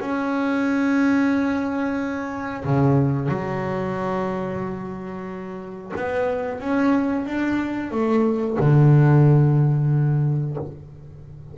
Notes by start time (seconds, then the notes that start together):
0.00 C#4
2.64 C#3
3.28 F#3
5.96 B3
6.60 C#4
7.26 D4
7.91 A3
8.59 D3